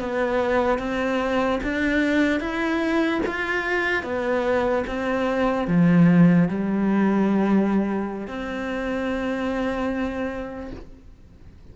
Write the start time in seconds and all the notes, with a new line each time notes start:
0.00 B3
0.79 C4
1.64 D4
2.40 E4
3.27 F4
4.04 B3
4.87 C4
5.68 F3
6.49 G3
8.27 C4